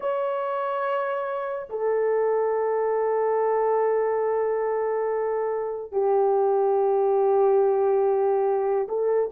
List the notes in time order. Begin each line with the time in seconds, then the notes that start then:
0.00 C#5
1.69 A4
5.92 G4
8.88 A4